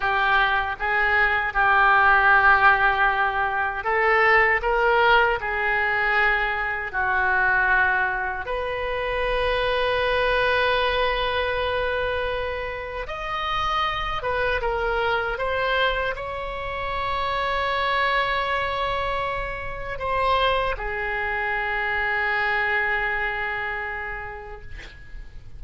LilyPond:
\new Staff \with { instrumentName = "oboe" } { \time 4/4 \tempo 4 = 78 g'4 gis'4 g'2~ | g'4 a'4 ais'4 gis'4~ | gis'4 fis'2 b'4~ | b'1~ |
b'4 dis''4. b'8 ais'4 | c''4 cis''2.~ | cis''2 c''4 gis'4~ | gis'1 | }